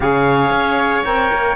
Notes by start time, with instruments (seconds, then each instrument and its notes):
0.00 cello C#3, saxophone G#4, oboe C#5, clarinet F5
0.51 cello C#4
1.04 cello C4, saxophone A#4, clarinet G5
1.32 cello A#3